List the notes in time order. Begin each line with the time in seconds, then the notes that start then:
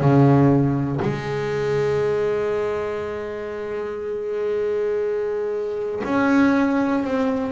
0.00 C#3
1.02 G#3
6.04 C#4
7.04 C4